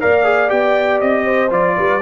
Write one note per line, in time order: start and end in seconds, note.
0.00 0.51 A#3
0.00 0.24 A#4
0.00 1.25 D5
0.00 0.50 F5
0.24 0.48 G#4
0.48 1.01 B3
0.48 1.49 G4
0.48 1.00 G5
1.01 1.51 C4
1.01 1.51 D#5
1.25 1.75 C5
1.50 1.76 F3
1.50 2.00 F4
1.50 2.02 D5
1.77 2.02 G3
1.77 2.02 B4